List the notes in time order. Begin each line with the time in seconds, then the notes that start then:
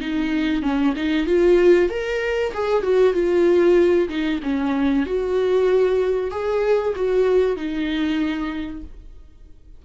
0.00 D#4
0.62 C#4
0.96 D#4
1.26 F4
1.89 A#4
2.53 G#4
2.83 F#4
3.13 F4
4.09 D#4
4.43 C#4
5.06 F#4
6.31 G#4
6.96 F#4
7.56 D#4